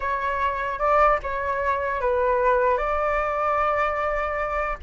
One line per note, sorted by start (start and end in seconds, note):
0.00 0.78 C#5
0.78 1.18 D5
1.23 2.01 C#5
2.01 2.77 B4
2.77 4.77 D5